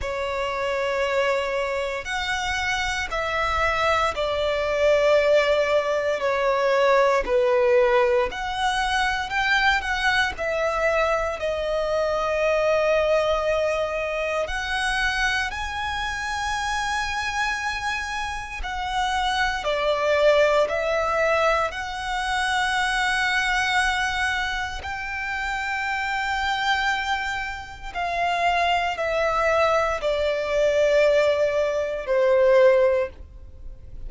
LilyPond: \new Staff \with { instrumentName = "violin" } { \time 4/4 \tempo 4 = 58 cis''2 fis''4 e''4 | d''2 cis''4 b'4 | fis''4 g''8 fis''8 e''4 dis''4~ | dis''2 fis''4 gis''4~ |
gis''2 fis''4 d''4 | e''4 fis''2. | g''2. f''4 | e''4 d''2 c''4 | }